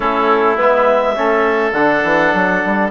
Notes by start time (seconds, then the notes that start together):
0.00 A3 C#4 E4 A4
0.56 G#3 B3 E5
1.14 A3 C#4 A4
1.72 D3 D4 F#5
2.03 E3
2.33 F#3
2.65 G3